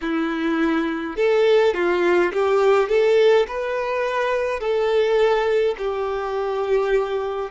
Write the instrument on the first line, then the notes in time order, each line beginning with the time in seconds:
violin
0.01 E4
1.16 A4
1.74 F4
2.32 G4
2.88 A4
3.47 B4
4.59 A4
5.77 G4